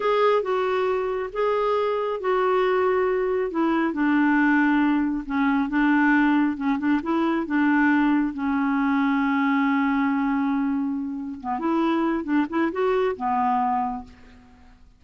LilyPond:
\new Staff \with { instrumentName = "clarinet" } { \time 4/4 \tempo 4 = 137 gis'4 fis'2 gis'4~ | gis'4 fis'2. | e'4 d'2. | cis'4 d'2 cis'8 d'8 |
e'4 d'2 cis'4~ | cis'1~ | cis'2 b8 e'4. | d'8 e'8 fis'4 b2 | }